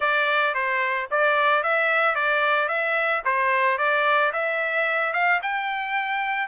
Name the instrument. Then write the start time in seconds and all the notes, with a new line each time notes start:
trumpet
0.00 D5
0.54 C5
1.10 D5
1.63 E5
2.15 D5
2.68 E5
3.24 C5
3.78 D5
4.32 E5
5.13 F5
5.42 G5